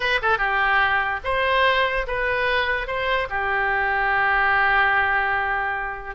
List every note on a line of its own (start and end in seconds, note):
0.00 0.19 B4
0.22 0.38 A4
0.38 1.20 G4
1.24 2.06 C5
2.07 2.87 B4
2.87 3.28 C5
3.29 6.15 G4